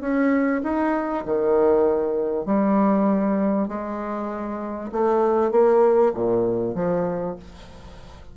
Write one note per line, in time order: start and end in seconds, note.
0.00 0.61 C#4
0.63 1.24 D#4
1.25 2.45 D#3
2.45 3.68 G3
3.68 4.90 G#3
4.92 5.51 A3
5.51 6.12 A#3
6.14 6.74 A#2
6.74 7.36 F3